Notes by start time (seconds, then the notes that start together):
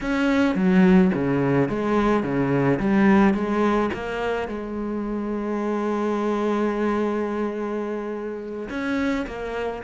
0.00 C#4
0.55 F#3
1.13 C#3
1.68 G#3
2.23 C#3
2.79 G3
3.34 G#3
3.93 A#3
4.48 G#3
8.69 C#4
9.26 A#3